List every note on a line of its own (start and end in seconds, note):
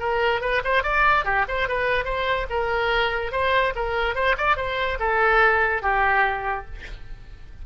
0.00 0.41 A#4
0.41 0.62 B4
0.65 0.84 C5
0.84 1.25 D5
1.25 1.46 G4
1.49 1.69 C5
1.69 2.05 B4
2.05 2.47 C5
2.50 3.32 A#4
3.32 3.74 C5
3.76 4.15 A#4
4.15 4.36 C5
4.38 4.57 D5
4.57 4.99 C5
5.00 5.83 A4
5.83 6.66 G4